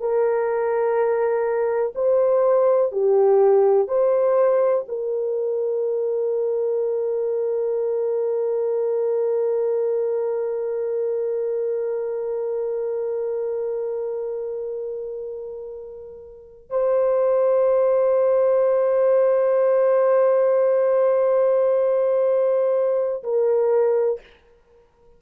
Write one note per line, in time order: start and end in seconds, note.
0.00 1.94 A#4
1.95 2.92 C5
2.92 3.88 G4
3.88 4.85 C5
4.89 16.71 A#4
16.71 23.24 C5
23.24 24.21 A#4